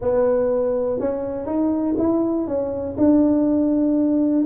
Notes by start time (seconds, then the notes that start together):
0.01 B3
0.99 C#4
1.46 D#4
1.98 E4
2.47 C#4
2.97 D4